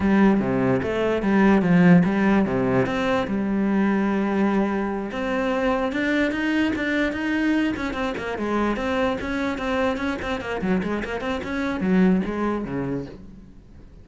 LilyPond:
\new Staff \with { instrumentName = "cello" } { \time 4/4 \tempo 4 = 147 g4 c4 a4 g4 | f4 g4 c4 c'4 | g1~ | g8 c'2 d'4 dis'8~ |
dis'8 d'4 dis'4. cis'8 c'8 | ais8 gis4 c'4 cis'4 c'8~ | c'8 cis'8 c'8 ais8 fis8 gis8 ais8 c'8 | cis'4 fis4 gis4 cis4 | }